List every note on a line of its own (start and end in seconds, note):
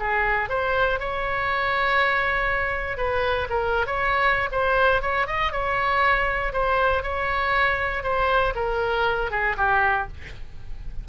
0.00 0.50 G#4
0.50 1.00 C5
1.00 2.97 C#5
2.97 3.48 B4
3.50 3.86 A#4
3.86 4.49 C#5
4.52 5.02 C5
5.02 5.27 C#5
5.27 5.52 D#5
5.52 6.53 C#5
6.53 7.03 C5
7.03 8.03 C#5
8.03 8.54 C5
8.55 9.31 A#4
9.31 9.56 G#4
9.58 10.08 G4